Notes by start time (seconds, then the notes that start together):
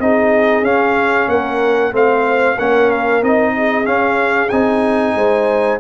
0.00 C4 D#4 G#4 D#5
0.63 C#4 F5
1.29 A#3 A#4 F#5
1.92 A3 C4 C5 F5
2.56 A#3 C#4 A#4 F#5
2.91 F5
3.23 C4 D#4 D#5
3.57 G#4
3.85 C#4 F5
4.50 C4 D#4 G#5
5.15 G#3 C5